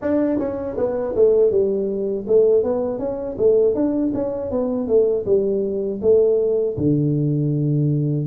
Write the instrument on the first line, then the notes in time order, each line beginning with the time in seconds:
tuba
0.01 D4
0.39 C#4
0.77 B3
1.15 A3
1.50 G3
2.27 A3
2.62 B3
2.98 C#4
3.38 A3
3.74 D4
4.14 C#4
4.50 B3
4.87 A3
5.25 G3
6.01 A3
6.77 D3